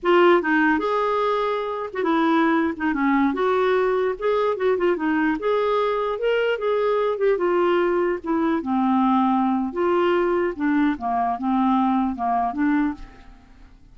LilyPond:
\new Staff \with { instrumentName = "clarinet" } { \time 4/4 \tempo 4 = 148 f'4 dis'4 gis'2~ | gis'8. fis'16 e'4.~ e'16 dis'8 cis'8.~ | cis'16 fis'2 gis'4 fis'8 f'16~ | f'16 dis'4 gis'2 ais'8.~ |
ais'16 gis'4. g'8 f'4.~ f'16~ | f'16 e'4 c'2~ c'8. | f'2 d'4 ais4 | c'2 ais4 d'4 | }